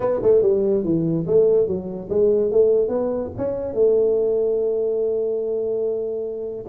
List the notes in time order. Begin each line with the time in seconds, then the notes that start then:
0.00 B3
0.22 A3
0.42 G3
0.84 E3
1.27 A3
1.67 F#3
2.09 G#3
2.51 A3
2.88 B3
3.37 C#4
3.73 A3